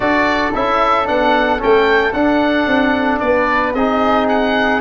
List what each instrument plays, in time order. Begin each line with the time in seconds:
0.00 tuba D4, trombone F#4, flute A4, oboe D5
0.54 tuba C#4, trombone E4, oboe E5
1.05 tuba B3, trombone D4, oboe F#5
1.58 tuba A3, trombone C#4, oboe G5
2.13 tuba D4, trombone D4, oboe F#5
2.67 tuba C4
3.19 tuba B3, flute B4, oboe D5
3.74 tuba C4, trombone D#4, flute G#4, oboe D#5
4.28 oboe F#5